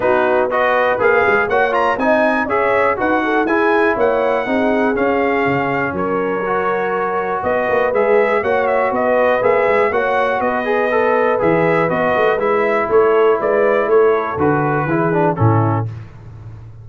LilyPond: <<
  \new Staff \with { instrumentName = "trumpet" } { \time 4/4 \tempo 4 = 121 b'4 dis''4 f''4 fis''8 ais''8 | gis''4 e''4 fis''4 gis''4 | fis''2 f''2 | cis''2. dis''4 |
e''4 fis''8 e''8 dis''4 e''4 | fis''4 dis''2 e''4 | dis''4 e''4 cis''4 d''4 | cis''4 b'2 a'4 | }
  \new Staff \with { instrumentName = "horn" } { \time 4/4 fis'4 b'2 cis''4 | dis''4 cis''4 b'8 a'8 gis'4 | cis''4 gis'2. | ais'2. b'4~ |
b'4 cis''4 b'2 | cis''4 b'2.~ | b'2 a'4 b'4 | a'2 gis'4 e'4 | }
  \new Staff \with { instrumentName = "trombone" } { \time 4/4 dis'4 fis'4 gis'4 fis'8 f'8 | dis'4 gis'4 fis'4 e'4~ | e'4 dis'4 cis'2~ | cis'4 fis'2. |
gis'4 fis'2 gis'4 | fis'4. gis'8 a'4 gis'4 | fis'4 e'2.~ | e'4 fis'4 e'8 d'8 cis'4 | }
  \new Staff \with { instrumentName = "tuba" } { \time 4/4 b2 ais8 gis8 ais4 | c'4 cis'4 dis'4 e'4 | ais4 c'4 cis'4 cis4 | fis2. b8 ais8 |
gis4 ais4 b4 ais8 gis8 | ais4 b2 e4 | b8 a8 gis4 a4 gis4 | a4 d4 e4 a,4 | }
>>